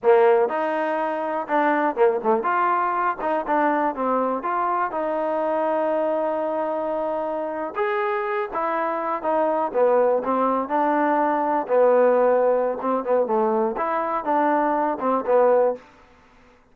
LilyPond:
\new Staff \with { instrumentName = "trombone" } { \time 4/4 \tempo 4 = 122 ais4 dis'2 d'4 | ais8 a8 f'4. dis'8 d'4 | c'4 f'4 dis'2~ | dis'2.~ dis'8. gis'16~ |
gis'4~ gis'16 e'4. dis'4 b16~ | b8. c'4 d'2 b16~ | b2 c'8 b8 a4 | e'4 d'4. c'8 b4 | }